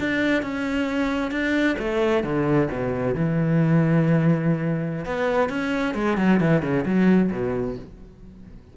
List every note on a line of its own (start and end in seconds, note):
0.00 0.43 D4
0.43 1.31 C#4
1.31 1.77 D4
1.79 2.24 A3
2.24 2.69 D3
2.71 3.15 B2
3.15 5.05 E3
5.05 5.50 B3
5.50 5.95 C#4
5.95 6.17 G#3
6.18 6.40 F#3
6.41 6.63 E3
6.63 6.85 C#3
6.86 7.31 F#3
7.32 7.77 B2